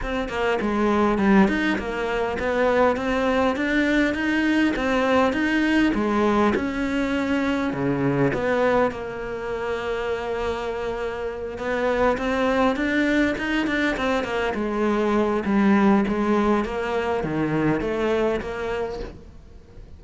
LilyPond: \new Staff \with { instrumentName = "cello" } { \time 4/4 \tempo 4 = 101 c'8 ais8 gis4 g8 dis'8 ais4 | b4 c'4 d'4 dis'4 | c'4 dis'4 gis4 cis'4~ | cis'4 cis4 b4 ais4~ |
ais2.~ ais8 b8~ | b8 c'4 d'4 dis'8 d'8 c'8 | ais8 gis4. g4 gis4 | ais4 dis4 a4 ais4 | }